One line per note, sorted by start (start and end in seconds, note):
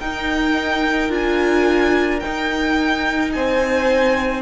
0.00 1.10 D#4
0.00 3.33 A#4
0.00 1.11 G5
1.10 2.21 D4
1.10 2.21 F4
1.10 2.20 G#5
2.20 4.42 D#4
2.20 3.31 G5
2.26 3.36 D#4
3.33 4.42 C4
3.33 4.42 C5
3.33 4.42 G#5